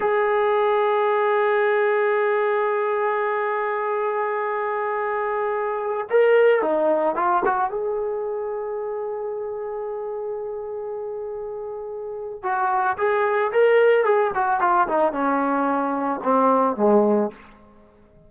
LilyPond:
\new Staff \with { instrumentName = "trombone" } { \time 4/4 \tempo 4 = 111 gis'1~ | gis'1~ | gis'2.~ gis'16 ais'8.~ | ais'16 dis'4 f'8 fis'8 gis'4.~ gis'16~ |
gis'1~ | gis'2. fis'4 | gis'4 ais'4 gis'8 fis'8 f'8 dis'8 | cis'2 c'4 gis4 | }